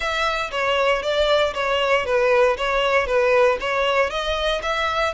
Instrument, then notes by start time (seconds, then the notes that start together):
violin
0.00 E5
0.51 C#5
1.02 D5
1.54 C#5
2.05 B4
2.57 C#5
3.06 B4
3.60 C#5
4.09 D#5
4.62 E5